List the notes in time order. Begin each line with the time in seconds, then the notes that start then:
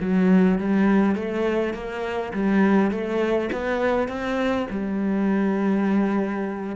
0.00 F#3
0.58 G3
1.15 A3
1.73 A#3
2.33 G3
2.91 A3
3.52 B3
4.08 C4
4.70 G3